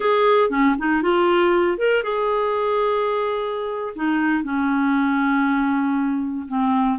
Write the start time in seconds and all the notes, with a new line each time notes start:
0.00 G#4
0.50 C#4
0.78 D#4
1.02 F4
1.78 A#4
2.03 G#4
3.95 D#4
4.43 C#4
6.48 C4